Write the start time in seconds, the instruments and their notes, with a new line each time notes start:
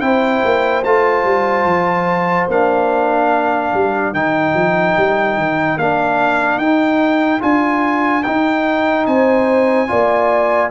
0.00 tuba C4, trombone E4, horn C5, trumpet G5
0.44 tuba A#3
0.84 tuba A3, trombone F4, trumpet A5
1.24 tuba G3
1.65 tuba F3
2.48 tuba A#3, trombone D4, trumpet F5
3.30 horn A#4
3.73 tuba G3
4.12 tuba D#3, trombone D#4, trumpet G5
4.53 tuba F3
4.97 tuba G3
5.37 tuba D#3
5.76 tuba A#3, trombone D4, trumpet F5
6.57 tuba D#4, trombone D#4, trumpet G5
7.40 tuba D4, trombone F4, trumpet G#5
8.23 tuba D#4, trombone D#4, trumpet G5
9.06 tuba C4, horn C5, trumpet G#5
9.87 tuba A#3, trombone F4, horn D5